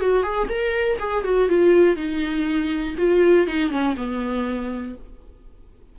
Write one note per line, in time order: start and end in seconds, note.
0.00 0.23 F#4
0.23 0.47 G#4
0.48 0.98 A#4
0.99 1.24 G#4
1.24 1.48 F#4
1.48 1.96 F4
1.96 2.95 D#4
2.97 3.47 F4
3.47 3.70 D#4
3.70 3.95 C#4
3.96 4.95 B3